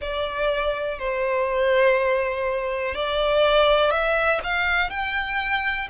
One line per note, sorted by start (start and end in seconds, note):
0.01 0.98 D5
0.98 2.95 C5
2.95 3.91 D5
3.91 4.40 E5
4.43 4.90 F5
4.90 5.88 G5